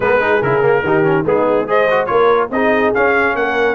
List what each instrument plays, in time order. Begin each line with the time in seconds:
0.00 tuba G#3, trombone B3, horn A#4, trumpet B4
0.20 trombone D#4, horn G#4
0.42 tuba C#3, trombone E4, trumpet A#4
0.62 trombone A#3
0.83 tuba D#3, trombone D#4, horn G4
1.03 trombone C#4
1.24 tuba G#3, trombone B3, horn D#4, trumpet G#4
1.67 trombone G#4, horn C5, trumpet D#5
1.90 trombone F#4
2.05 tuba A#3, trombone F4, horn A#4, trumpet C#5
2.50 tuba C4, trombone D#4, horn G#4, trumpet D#5
2.94 trombone C#4, tuba C#4, trumpet F5
3.35 tuba A#3, horn A#4, trumpet F#5